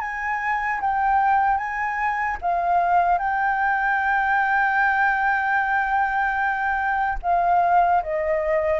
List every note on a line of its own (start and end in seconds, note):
0.00 0.80 G#5
0.80 1.57 G5
1.57 2.37 G#5
2.41 3.18 F5
3.18 7.18 G5
7.22 8.02 F5
8.03 8.79 D#5